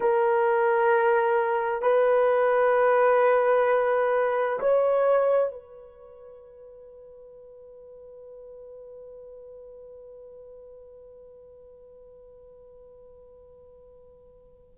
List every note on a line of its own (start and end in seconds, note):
0.00 1.82 A#4
1.82 4.59 B4
4.59 5.51 C#5
5.51 14.74 B4